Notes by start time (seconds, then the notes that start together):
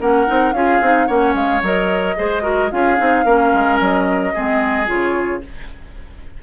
0.00 A#3 C#4 A#4 F#5
0.27 C4 D#4
0.53 C#4 F4 G#4 F5
0.81 C4 D#4
1.06 A#3 C#4 C#5 F#5
1.34 G#3 F5
1.62 F#3 A#4 D#5
2.17 G#3 G#4 C5
2.42 F#4 A#4
2.71 C#4 F4 G#4 F5
2.97 C4 D#4
3.25 A#3 C#4 A#4
3.53 G#3
3.80 F#3 D#5
4.34 G#3 C4 G#4
4.86 C#3 F4 C#5